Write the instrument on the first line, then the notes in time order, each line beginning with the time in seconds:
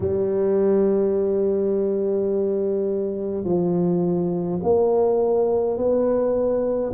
tuba
0.00 G3
3.44 F3
4.63 A#3
5.77 B3